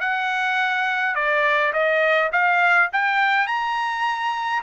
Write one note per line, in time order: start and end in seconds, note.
0.00 1.15 F#5
1.15 1.72 D5
1.73 2.31 D#5
2.32 2.90 F5
2.92 3.47 G5
3.47 4.62 A#5